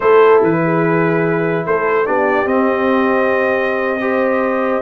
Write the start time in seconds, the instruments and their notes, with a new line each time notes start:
0.00 tuba A3, trombone E4, horn A4, trumpet C5
0.42 tuba E3, trumpet B4
0.64 horn G#4
1.66 tuba A3, horn A4, trumpet C5
2.05 tuba B3, trombone D4, horn G4, trumpet D5
2.44 tuba C4, trombone C4, trumpet D#5
4.00 trombone G4, horn C5